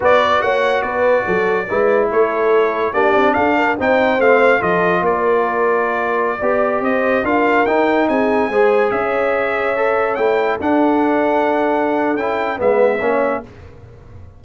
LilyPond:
<<
  \new Staff \with { instrumentName = "trumpet" } { \time 4/4 \tempo 4 = 143 d''4 fis''4 d''2~ | d''4 cis''2 d''4 | f''4 g''4 f''4 dis''4 | d''1~ |
d''16 dis''4 f''4 g''4 gis''8.~ | gis''4~ gis''16 e''2~ e''8.~ | e''16 g''4 fis''2~ fis''8.~ | fis''4 g''4 e''2 | }
  \new Staff \with { instrumentName = "horn" } { \time 4/4 b'4 cis''4 b'4 a'4 | b'4 a'2 g'4 | a'8 ais'8 c''2 a'4 | ais'2.~ ais'16 d''8.~ |
d''16 c''4 ais'2 gis'8.~ | gis'16 c''4 cis''2~ cis''8.~ | cis''4~ cis''16 a'2~ a'8.~ | a'2 b'4 cis''4 | }
  \new Staff \with { instrumentName = "trombone" } { \time 4/4 fis'1 | e'2. d'4~ | d'4 dis'4 c'4 f'4~ | f'2.~ f'16 g'8.~ |
g'4~ g'16 f'4 dis'4.~ dis'16~ | dis'16 gis'2. a'8.~ | a'16 e'4 d'2~ d'8.~ | d'4 e'4 b4 cis'4 | }
  \new Staff \with { instrumentName = "tuba" } { \time 4/4 b4 ais4 b4 fis4 | gis4 a2 ais8 c'8 | d'4 c'4 a4 f4 | ais2.~ ais16 b8.~ |
b16 c'4 d'4 dis'4 c'8.~ | c'16 gis4 cis'2~ cis'8.~ | cis'16 a4 d'2~ d'8.~ | d'4 cis'4 gis4 ais4 | }
>>